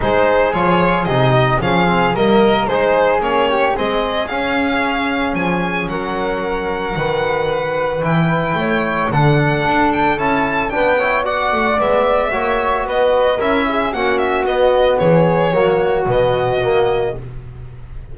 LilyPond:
<<
  \new Staff \with { instrumentName = "violin" } { \time 4/4 \tempo 4 = 112 c''4 cis''4 dis''4 f''4 | dis''4 c''4 cis''4 dis''4 | f''2 gis''4 fis''4~ | fis''2. g''4~ |
g''4 fis''4. g''8 a''4 | g''4 fis''4 e''2 | dis''4 e''4 fis''8 e''8 dis''4 | cis''2 dis''2 | }
  \new Staff \with { instrumentName = "flute" } { \time 4/4 gis'2~ gis'8 dis''8 gis'4 | ais'4 gis'4. g'8 gis'4~ | gis'2. ais'4~ | ais'4 b'2. |
cis''4 a'2. | b'8 cis''8 d''2 cis''4 | b'4 ais'8 gis'8 fis'2 | gis'4 fis'2. | }
  \new Staff \with { instrumentName = "trombone" } { \time 4/4 dis'4 f'4 dis'4 cis'8 c'8 | ais4 dis'4 cis'4 c'4 | cis'1~ | cis'4 fis'2 e'4~ |
e'4 d'2 e'4 | d'8 e'8 fis'4 b4 fis'4~ | fis'4 e'4 cis'4 b4~ | b4 ais4 b4 ais4 | }
  \new Staff \with { instrumentName = "double bass" } { \time 4/4 gis4 f4 c4 f4 | g4 gis4 ais4 gis4 | cis'2 f4 fis4~ | fis4 dis2 e4 |
a4 d4 d'4 cis'4 | b4. a8 gis4 ais4 | b4 cis'4 ais4 b4 | e4 fis4 b,2 | }
>>